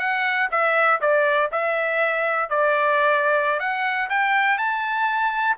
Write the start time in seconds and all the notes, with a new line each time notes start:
0.00 F#5
0.51 E5
1.01 D5
1.52 E5
2.50 D5
3.60 F#5
4.10 G5
4.58 A5